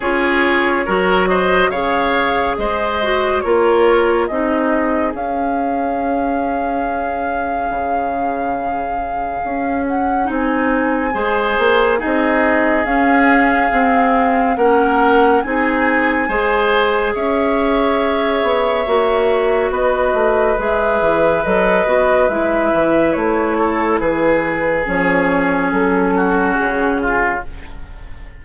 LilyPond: <<
  \new Staff \with { instrumentName = "flute" } { \time 4/4 \tempo 4 = 70 cis''4. dis''8 f''4 dis''4 | cis''4 dis''4 f''2~ | f''2.~ f''8 fis''8 | gis''2 dis''4 f''4~ |
f''4 fis''4 gis''2 | e''2. dis''4 | e''4 dis''4 e''4 cis''4 | b'4 cis''4 a'4 gis'4 | }
  \new Staff \with { instrumentName = "oboe" } { \time 4/4 gis'4 ais'8 c''8 cis''4 c''4 | ais'4 gis'2.~ | gis'1~ | gis'4 c''4 gis'2~ |
gis'4 ais'4 gis'4 c''4 | cis''2. b'4~ | b'2.~ b'8 a'8 | gis'2~ gis'8 fis'4 f'8 | }
  \new Staff \with { instrumentName = "clarinet" } { \time 4/4 f'4 fis'4 gis'4. fis'8 | f'4 dis'4 cis'2~ | cis'1 | dis'4 gis'4 dis'4 cis'4 |
c'4 cis'4 dis'4 gis'4~ | gis'2 fis'2 | gis'4 a'8 fis'8 e'2~ | e'4 cis'2. | }
  \new Staff \with { instrumentName = "bassoon" } { \time 4/4 cis'4 fis4 cis4 gis4 | ais4 c'4 cis'2~ | cis'4 cis2 cis'4 | c'4 gis8 ais8 c'4 cis'4 |
c'4 ais4 c'4 gis4 | cis'4. b8 ais4 b8 a8 | gis8 e8 fis8 b8 gis8 e8 a4 | e4 f4 fis4 cis4 | }
>>